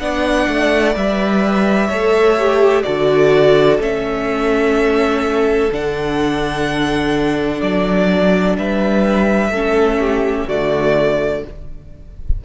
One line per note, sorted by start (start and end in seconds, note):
0.00 0.48 B3
0.00 0.94 D4
0.00 1.88 D5
0.00 0.95 F#5
0.48 0.96 A3
0.94 1.89 G3
0.94 1.89 B4
0.94 2.83 E5
1.88 2.85 A3
1.88 2.38 A4
1.88 2.83 C#5
2.39 2.84 G4
2.83 3.79 D3
2.83 3.79 F#4
2.83 8.57 A4
2.83 3.78 D5
3.79 5.70 A3
3.79 5.71 C#4
3.79 5.73 E5
5.72 7.62 D3
5.72 9.53 D4
5.72 7.62 F#5
7.62 8.57 F#3
7.62 8.57 D5
8.59 9.49 G3
8.59 9.52 B4
8.59 10.49 E5
9.49 10.45 A3
9.49 10.49 C#4
9.49 10.00 A4
10.00 10.47 G4
10.47 11.44 D3
10.47 11.45 A3
10.47 11.43 F#4
10.47 11.44 D5